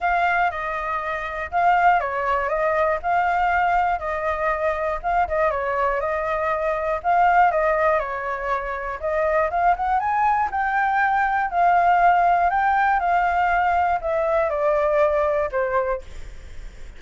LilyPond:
\new Staff \with { instrumentName = "flute" } { \time 4/4 \tempo 4 = 120 f''4 dis''2 f''4 | cis''4 dis''4 f''2 | dis''2 f''8 dis''8 cis''4 | dis''2 f''4 dis''4 |
cis''2 dis''4 f''8 fis''8 | gis''4 g''2 f''4~ | f''4 g''4 f''2 | e''4 d''2 c''4 | }